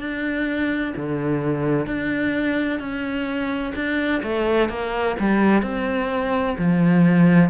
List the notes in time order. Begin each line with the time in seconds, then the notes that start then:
0.00 D4
0.97 D3
1.86 D4
2.80 C#4
3.75 D4
4.23 A3
4.70 A#3
5.19 G3
5.62 C4
6.58 F3